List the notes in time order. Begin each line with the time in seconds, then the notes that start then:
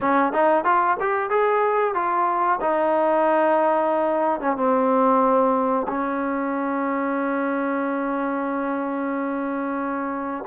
0.01 C#4
0.33 D#4
0.64 F4
1.00 G4
1.30 G#4
1.94 F4
2.61 D#4
4.40 C#4
4.56 C4
5.88 C#4